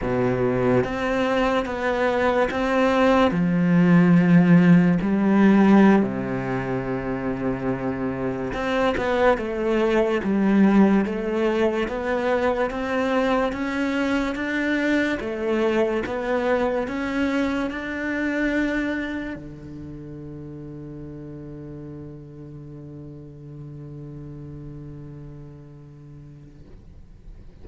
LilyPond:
\new Staff \with { instrumentName = "cello" } { \time 4/4 \tempo 4 = 72 b,4 c'4 b4 c'4 | f2 g4~ g16 c8.~ | c2~ c16 c'8 b8 a8.~ | a16 g4 a4 b4 c'8.~ |
c'16 cis'4 d'4 a4 b8.~ | b16 cis'4 d'2 d8.~ | d1~ | d1 | }